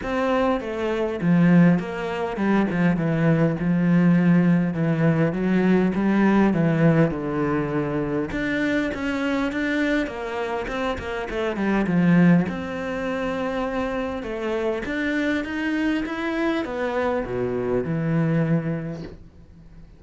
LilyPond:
\new Staff \with { instrumentName = "cello" } { \time 4/4 \tempo 4 = 101 c'4 a4 f4 ais4 | g8 f8 e4 f2 | e4 fis4 g4 e4 | d2 d'4 cis'4 |
d'4 ais4 c'8 ais8 a8 g8 | f4 c'2. | a4 d'4 dis'4 e'4 | b4 b,4 e2 | }